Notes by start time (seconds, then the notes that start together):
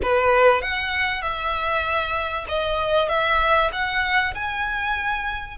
0.02 B4
0.61 F#5
1.22 E5
2.48 D#5
3.08 E5
3.72 F#5
4.34 G#5